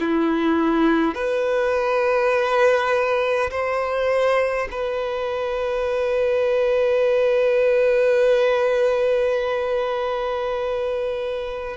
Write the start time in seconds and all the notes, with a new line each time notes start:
0.00 E4
1.15 B4
3.51 C5
4.71 B4